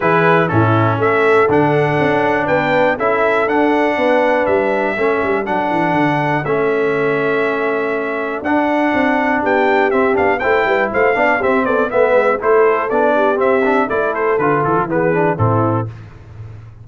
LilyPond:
<<
  \new Staff \with { instrumentName = "trumpet" } { \time 4/4 \tempo 4 = 121 b'4 a'4 e''4 fis''4~ | fis''4 g''4 e''4 fis''4~ | fis''4 e''2 fis''4~ | fis''4 e''2.~ |
e''4 fis''2 g''4 | e''8 f''8 g''4 f''4 e''8 d''8 | e''4 c''4 d''4 e''4 | d''8 c''8 b'8 a'8 b'4 a'4 | }
  \new Staff \with { instrumentName = "horn" } { \time 4/4 gis'4 e'4 a'2~ | a'4 b'4 a'2 | b'2 a'2~ | a'1~ |
a'2. g'4~ | g'4 c''8 b'8 c''8 d''8 g'8 a'8 | b'4 a'4. g'4. | a'2 gis'4 e'4 | }
  \new Staff \with { instrumentName = "trombone" } { \time 4/4 e'4 cis'2 d'4~ | d'2 e'4 d'4~ | d'2 cis'4 d'4~ | d'4 cis'2.~ |
cis'4 d'2. | c'8 d'8 e'4. d'8 c'4 | b4 e'4 d'4 c'8 d'8 | e'4 f'4 b8 d'8 c'4 | }
  \new Staff \with { instrumentName = "tuba" } { \time 4/4 e4 a,4 a4 d4 | cis'4 b4 cis'4 d'4 | b4 g4 a8 g8 fis8 e8 | d4 a2.~ |
a4 d'4 c'4 b4 | c'8 b8 a8 g8 a8 b8 c'8 b8 | a8 gis8 a4 b4 c'4 | a4 d8 e16 f16 e4 a,4 | }
>>